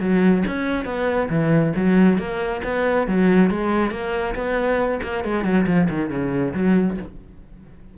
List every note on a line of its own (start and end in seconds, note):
0.00 0.43 F#3
0.47 0.85 C#4
0.85 1.28 B3
1.29 1.73 E3
1.75 2.18 F#3
2.18 2.61 A#3
2.64 3.07 B3
3.07 3.50 F#3
3.50 3.91 G#3
3.91 4.34 A#3
4.35 5.00 B3
5.02 5.24 A#3
5.24 5.44 G#3
5.44 5.66 F#3
5.66 5.88 F3
5.89 6.10 D#3
6.10 6.53 C#3
6.54 6.97 F#3